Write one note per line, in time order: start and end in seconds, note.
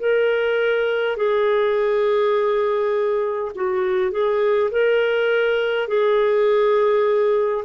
0.00 1.17 A#4
1.17 3.52 G#4
3.56 4.12 F#4
4.12 4.71 G#4
4.71 5.89 A#4
5.89 7.65 G#4